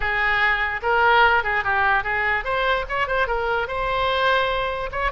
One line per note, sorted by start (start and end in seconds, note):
0.00 0.80 G#4
0.82 1.43 A#4
1.43 1.63 G#4
1.63 2.03 G4
2.03 2.44 G#4
2.44 2.85 C5
2.88 3.07 C#5
3.07 3.27 C5
3.27 3.67 A#4
3.67 4.90 C5
4.91 5.11 C#5